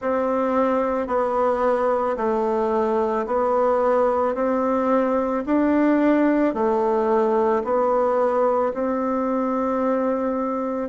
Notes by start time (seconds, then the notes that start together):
0.01 C4
1.07 B3
2.16 A3
3.26 B3
4.34 C4
5.45 D4
6.54 A3
7.64 B3
8.73 C4